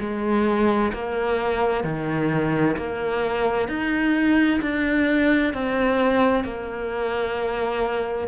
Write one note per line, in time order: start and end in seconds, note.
0.00 0.92 G#3
0.93 1.84 A#3
1.84 2.76 D#3
2.77 3.68 A#3
3.68 4.60 D#4
4.62 5.53 D4
5.53 6.44 C4
6.44 8.27 A#3